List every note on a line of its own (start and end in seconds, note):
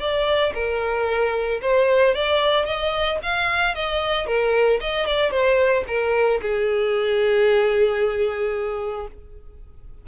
0.00 0.53 D5
0.55 1.61 A#4
1.62 2.15 C5
2.15 2.66 D5
2.66 3.19 D#5
3.23 3.75 F5
3.75 4.27 D#5
4.27 4.80 A#4
4.81 5.07 D#5
5.07 5.31 D5
5.31 5.84 C5
5.88 6.41 A#4
6.42 9.08 G#4